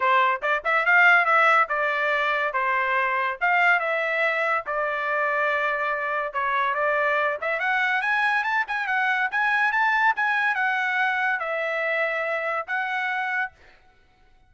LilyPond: \new Staff \with { instrumentName = "trumpet" } { \time 4/4 \tempo 4 = 142 c''4 d''8 e''8 f''4 e''4 | d''2 c''2 | f''4 e''2 d''4~ | d''2. cis''4 |
d''4. e''8 fis''4 gis''4 | a''8 gis''8 fis''4 gis''4 a''4 | gis''4 fis''2 e''4~ | e''2 fis''2 | }